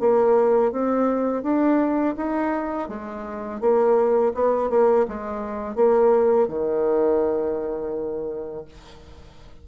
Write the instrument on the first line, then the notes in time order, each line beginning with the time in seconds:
bassoon
0.00 A#3
0.72 C4
1.43 D4
2.17 D#4
2.88 G#3
3.61 A#3
4.34 B3
4.70 A#3
5.08 G#3
5.76 A#3
6.48 D#3